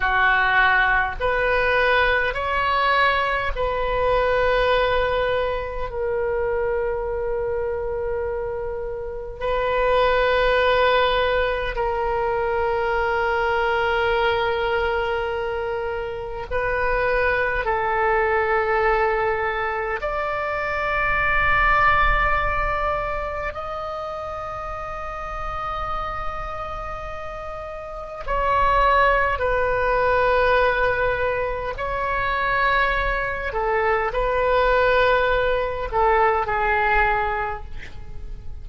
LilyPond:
\new Staff \with { instrumentName = "oboe" } { \time 4/4 \tempo 4 = 51 fis'4 b'4 cis''4 b'4~ | b'4 ais'2. | b'2 ais'2~ | ais'2 b'4 a'4~ |
a'4 d''2. | dis''1 | cis''4 b'2 cis''4~ | cis''8 a'8 b'4. a'8 gis'4 | }